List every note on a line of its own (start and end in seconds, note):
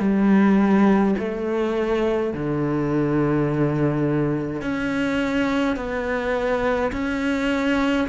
0.00 1.15 G3
1.19 2.33 A3
2.33 4.62 D3
4.62 5.76 C#4
5.76 6.92 B3
6.92 8.08 C#4